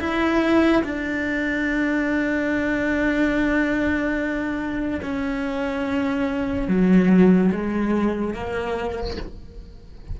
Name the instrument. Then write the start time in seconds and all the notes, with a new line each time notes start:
cello
0.00 E4
0.84 D4
5.03 C#4
6.68 F#3
7.52 G#3
8.34 A#3